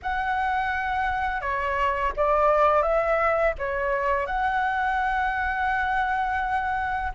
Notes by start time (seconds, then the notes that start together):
0.02 F#5
1.41 C#5
2.16 D5
2.82 E5
3.58 C#5
4.26 F#5